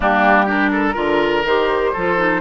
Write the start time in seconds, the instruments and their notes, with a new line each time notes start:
0.00 bassoon G3, clarinet A#3, oboe D4, flute G4
0.45 clarinet D4, oboe G4, flute A#4
0.72 oboe A4
0.94 bassoon D3, clarinet F4, oboe A#4
1.44 bassoon D#3, clarinet G4, flute C5
1.92 bassoon F3, clarinet F4, oboe A4
2.17 clarinet D#4